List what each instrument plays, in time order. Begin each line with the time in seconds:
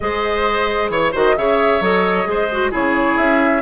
0.00 bassoon G#3, clarinet G#4, oboe C5, flute D#5
0.89 bassoon E3, oboe C#5, flute C#5
1.12 bassoon D#3, clarinet F#4, oboe C5, flute D#5
1.36 bassoon C#3, clarinet G#4, oboe C#5, flute E5
1.80 bassoon F#3, clarinet A4, flute D#5
2.24 bassoon G#3, clarinet G#4, oboe C5
2.51 clarinet F#4
2.71 bassoon C#3, clarinet E4, oboe G#4, flute C#5
3.17 bassoon C#4, flute E5